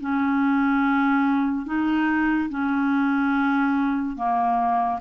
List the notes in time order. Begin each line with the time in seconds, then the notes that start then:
0.00 C#4
1.66 D#4
2.49 C#4
4.16 A#3